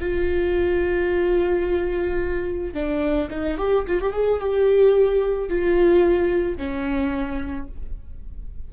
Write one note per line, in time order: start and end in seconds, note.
0.00 2.73 F4
2.73 3.29 D4
3.30 3.57 D#4
3.57 3.85 G4
3.87 4.01 F4
4.01 4.13 G4
4.13 4.40 G#4
4.40 5.49 G4
5.49 6.57 F4
6.57 7.67 C#4